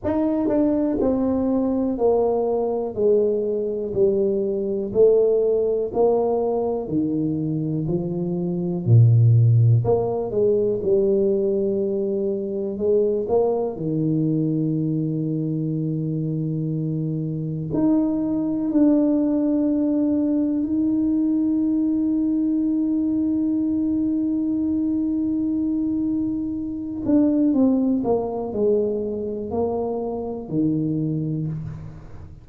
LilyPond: \new Staff \with { instrumentName = "tuba" } { \time 4/4 \tempo 4 = 61 dis'8 d'8 c'4 ais4 gis4 | g4 a4 ais4 dis4 | f4 ais,4 ais8 gis8 g4~ | g4 gis8 ais8 dis2~ |
dis2 dis'4 d'4~ | d'4 dis'2.~ | dis'2.~ dis'8 d'8 | c'8 ais8 gis4 ais4 dis4 | }